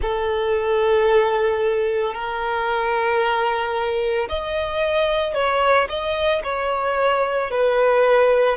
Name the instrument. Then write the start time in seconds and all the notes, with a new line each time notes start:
violin
0.01 A4
2.14 A#4
4.29 D#5
5.34 C#5
5.89 D#5
6.43 C#5
7.50 B4